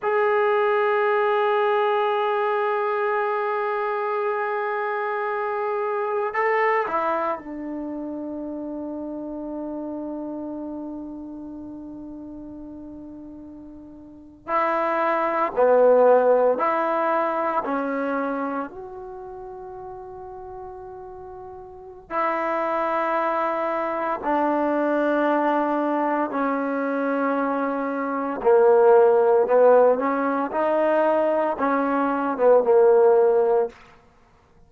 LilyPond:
\new Staff \with { instrumentName = "trombone" } { \time 4/4 \tempo 4 = 57 gis'1~ | gis'2 a'8 e'8 d'4~ | d'1~ | d'4.~ d'16 e'4 b4 e'16~ |
e'8. cis'4 fis'2~ fis'16~ | fis'4 e'2 d'4~ | d'4 cis'2 ais4 | b8 cis'8 dis'4 cis'8. b16 ais4 | }